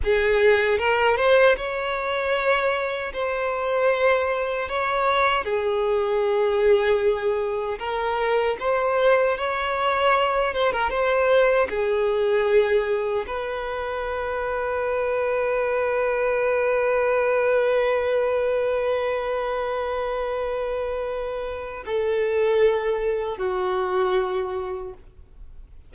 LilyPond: \new Staff \with { instrumentName = "violin" } { \time 4/4 \tempo 4 = 77 gis'4 ais'8 c''8 cis''2 | c''2 cis''4 gis'4~ | gis'2 ais'4 c''4 | cis''4. c''16 ais'16 c''4 gis'4~ |
gis'4 b'2.~ | b'1~ | b'1 | a'2 fis'2 | }